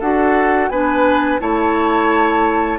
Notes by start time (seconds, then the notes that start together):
0.00 D4 F#4 A4 F#5
0.70 B3 D4 B4 G#5
1.40 A3 E4 C#5 A5